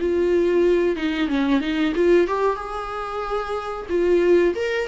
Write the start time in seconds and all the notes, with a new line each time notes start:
0.00 F4
0.96 D#4
1.28 C#4
1.60 D#4
1.95 F4
2.27 G4
2.56 G#4
3.89 F4
4.55 A#4